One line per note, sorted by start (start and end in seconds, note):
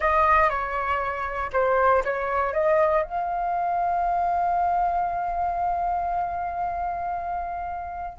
0.00 0.49 D#5
0.49 1.50 C#5
1.52 2.03 C5
2.04 2.53 C#5
2.53 3.03 D#5
3.03 8.18 F5